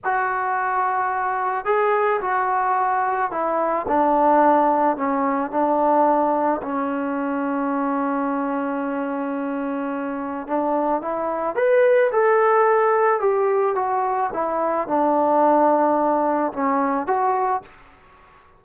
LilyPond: \new Staff \with { instrumentName = "trombone" } { \time 4/4 \tempo 4 = 109 fis'2. gis'4 | fis'2 e'4 d'4~ | d'4 cis'4 d'2 | cis'1~ |
cis'2. d'4 | e'4 b'4 a'2 | g'4 fis'4 e'4 d'4~ | d'2 cis'4 fis'4 | }